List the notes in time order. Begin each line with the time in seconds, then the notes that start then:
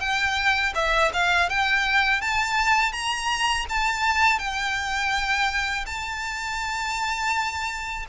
0.00 G5
0.75 E5
1.13 F5
1.49 G5
2.21 A5
2.92 A#5
3.69 A5
4.39 G5
5.86 A5